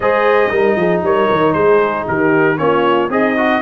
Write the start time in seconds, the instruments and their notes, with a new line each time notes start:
0.00 tuba G#3, trombone G#4, horn C5, trumpet D#5
0.49 tuba G3, trombone D#4, horn A#4
0.76 tuba F3, horn G#4
1.02 tuba G3, horn A#4, trumpet C#5
1.30 tuba D#3
1.53 tuba G#3, horn G#4, trumpet C5
2.07 tuba D#3, horn G4, trumpet A#4
2.57 tuba A#3, trombone C#4, horn F4, trumpet C#5
3.09 tuba C4, horn D#4, trombone G#4, trumpet D#5
3.37 trombone F#4